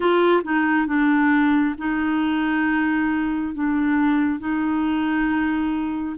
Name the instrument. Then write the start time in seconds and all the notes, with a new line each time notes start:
clarinet
0.00 F4
0.43 D#4
0.86 D4
1.78 D#4
3.54 D4
4.39 D#4